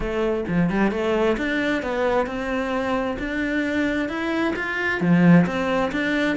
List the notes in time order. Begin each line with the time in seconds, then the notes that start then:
0.00 A3
0.48 F3
0.70 G3
0.91 A3
1.37 D4
1.82 B3
2.26 C4
3.18 D4
4.08 E4
4.56 F4
5.00 F3
5.46 C4
5.92 D4